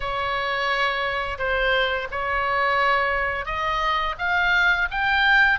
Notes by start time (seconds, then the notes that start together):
0.00 C#5
1.38 C5
2.11 C#5
3.45 D#5
4.18 F5
4.90 G5